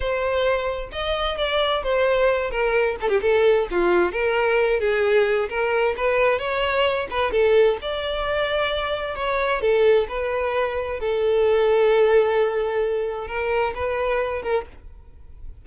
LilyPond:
\new Staff \with { instrumentName = "violin" } { \time 4/4 \tempo 4 = 131 c''2 dis''4 d''4 | c''4. ais'4 a'16 g'16 a'4 | f'4 ais'4. gis'4. | ais'4 b'4 cis''4. b'8 |
a'4 d''2. | cis''4 a'4 b'2 | a'1~ | a'4 ais'4 b'4. ais'8 | }